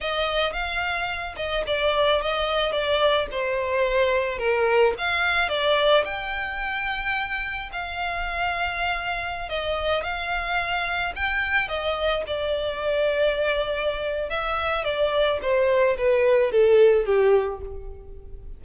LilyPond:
\new Staff \with { instrumentName = "violin" } { \time 4/4 \tempo 4 = 109 dis''4 f''4. dis''8 d''4 | dis''4 d''4 c''2 | ais'4 f''4 d''4 g''4~ | g''2 f''2~ |
f''4~ f''16 dis''4 f''4.~ f''16~ | f''16 g''4 dis''4 d''4.~ d''16~ | d''2 e''4 d''4 | c''4 b'4 a'4 g'4 | }